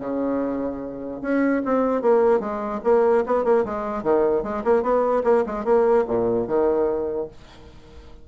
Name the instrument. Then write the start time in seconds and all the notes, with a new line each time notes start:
bassoon
0.00 C#3
1.22 C#4
1.65 C4
2.02 A#3
2.40 G#3
2.84 A#3
3.27 B3
3.45 A#3
3.66 G#3
4.03 D#3
4.43 G#3
4.65 A#3
4.83 B3
5.24 A#3
5.47 G#3
5.65 A#3
6.08 A#2
6.48 D#3